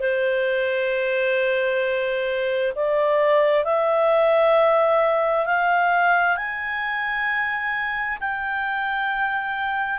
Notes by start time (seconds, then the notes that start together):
0.00 C5
2.75 D5
3.64 E5
5.46 F5
6.36 G#5
8.20 G5